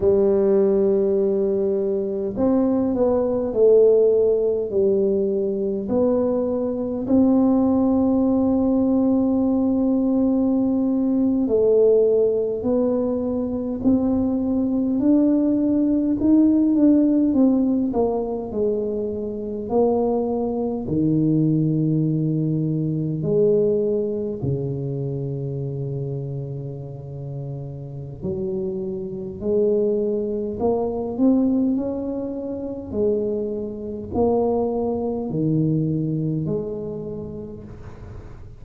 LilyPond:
\new Staff \with { instrumentName = "tuba" } { \time 4/4 \tempo 4 = 51 g2 c'8 b8 a4 | g4 b4 c'2~ | c'4.~ c'16 a4 b4 c'16~ | c'8. d'4 dis'8 d'8 c'8 ais8 gis16~ |
gis8. ais4 dis2 gis16~ | gis8. cis2.~ cis16 | fis4 gis4 ais8 c'8 cis'4 | gis4 ais4 dis4 gis4 | }